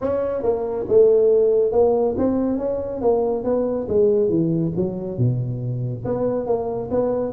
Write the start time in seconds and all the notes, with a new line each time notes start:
0.01 C#4
0.42 A#3
0.88 A3
1.71 A#3
2.17 C4
2.58 C#4
3.01 A#3
3.44 B3
3.88 G#3
4.29 E3
4.76 F#3
5.18 B2
6.05 B3
6.46 A#3
6.90 B3